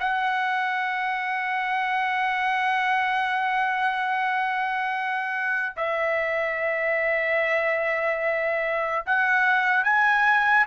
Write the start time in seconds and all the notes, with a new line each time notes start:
0.00 F#5
5.77 E5
9.06 F#5
9.84 G#5